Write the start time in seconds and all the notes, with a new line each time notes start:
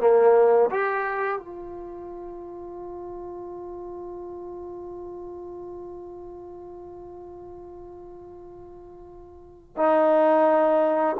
0.00 A#3
0.71 G4
1.39 F4
9.77 D#4